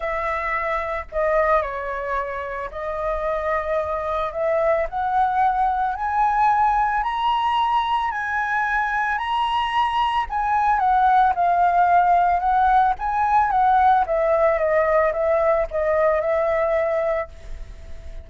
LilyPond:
\new Staff \with { instrumentName = "flute" } { \time 4/4 \tempo 4 = 111 e''2 dis''4 cis''4~ | cis''4 dis''2. | e''4 fis''2 gis''4~ | gis''4 ais''2 gis''4~ |
gis''4 ais''2 gis''4 | fis''4 f''2 fis''4 | gis''4 fis''4 e''4 dis''4 | e''4 dis''4 e''2 | }